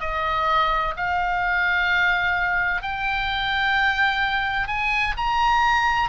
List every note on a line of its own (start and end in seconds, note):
0.00 0.94 D#5
0.96 2.82 F5
2.82 4.67 G5
4.67 5.14 G#5
5.17 6.09 A#5